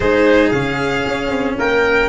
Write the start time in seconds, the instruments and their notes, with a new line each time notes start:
0.00 tuba G#3, cello D#4, trumpet G#4, violin C5
0.49 tuba C#3, cello C#4, violin F5
1.06 tuba C#4
1.30 tuba C4
1.57 tuba A#3, trumpet A#4, violin G5